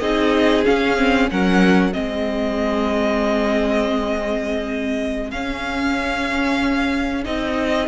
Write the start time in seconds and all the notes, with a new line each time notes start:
0.00 C4 D#4 G#4 D#5
0.65 C#4 F5
0.97 C4
1.31 F#3 C#4 A#4 F#5
1.93 G#3 C4 G#4 D#5
5.31 C#4 F5
7.24 C4 D#4 D#5